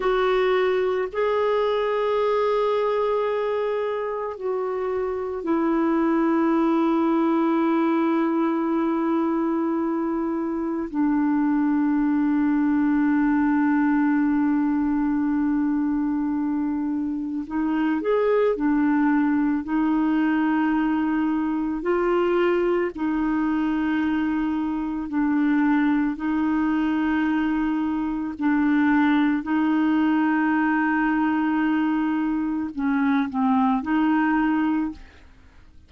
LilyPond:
\new Staff \with { instrumentName = "clarinet" } { \time 4/4 \tempo 4 = 55 fis'4 gis'2. | fis'4 e'2.~ | e'2 d'2~ | d'1 |
dis'8 gis'8 d'4 dis'2 | f'4 dis'2 d'4 | dis'2 d'4 dis'4~ | dis'2 cis'8 c'8 dis'4 | }